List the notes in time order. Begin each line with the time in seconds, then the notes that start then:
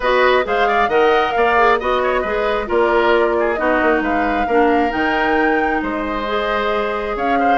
0.00 B3 F#4 B4 D#5
0.43 G#3 G#4 C5 F5
0.67 D5
0.88 D#3 A#4 D#5 F#5
1.31 A#3 D5 F5
1.57 G#4
1.79 B3 F#4 D#5
2.02 C#5
2.21 G#3 G#4 B4
2.66 A#3 F4 A#4 D5
3.39 G#4
3.54 B3 D#4 F#4 D#5
3.81 A#3
4.00 G#3 B4 F5
4.46 A#3 D4 A#4
4.90 D#3 D#4 G5
5.82 G#3 C5 D#5
6.26 G#4
7.16 C#4 C#5 F5
7.39 C5